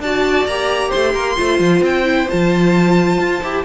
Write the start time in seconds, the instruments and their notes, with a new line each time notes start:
0.00 cello D4, viola F#4, violin D5 A5
0.46 cello A#3, viola G4, violin A#5
0.90 cello A3, violin C5 C6
1.13 cello A#3, violin A#4
1.37 cello A3, viola F4, violin C5
1.60 cello F3
1.81 cello C4, violin G5
2.04 viola E4
2.29 cello F3, viola F4, violin A5
3.19 cello F4
3.43 cello E4, viola G4